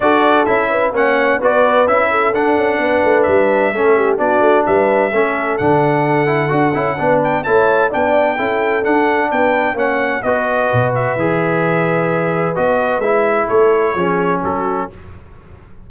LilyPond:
<<
  \new Staff \with { instrumentName = "trumpet" } { \time 4/4 \tempo 4 = 129 d''4 e''4 fis''4 d''4 | e''4 fis''2 e''4~ | e''4 d''4 e''2 | fis''2.~ fis''8 g''8 |
a''4 g''2 fis''4 | g''4 fis''4 dis''4. e''8~ | e''2. dis''4 | e''4 cis''2 a'4 | }
  \new Staff \with { instrumentName = "horn" } { \time 4/4 a'4. b'8 cis''4 b'4~ | b'8 a'4. b'2 | a'8 g'8 fis'4 b'4 a'4~ | a'2. b'4 |
cis''4 d''4 a'2 | b'4 cis''4 b'2~ | b'1~ | b'4 a'4 gis'4 fis'4 | }
  \new Staff \with { instrumentName = "trombone" } { \time 4/4 fis'4 e'4 cis'4 fis'4 | e'4 d'2. | cis'4 d'2 cis'4 | d'4. e'8 fis'8 e'8 d'4 |
e'4 d'4 e'4 d'4~ | d'4 cis'4 fis'2 | gis'2. fis'4 | e'2 cis'2 | }
  \new Staff \with { instrumentName = "tuba" } { \time 4/4 d'4 cis'4 ais4 b4 | cis'4 d'8 cis'8 b8 a8 g4 | a4 b8 a8 g4 a4 | d2 d'8 cis'8 b4 |
a4 b4 cis'4 d'4 | b4 ais4 b4 b,4 | e2. b4 | gis4 a4 f4 fis4 | }
>>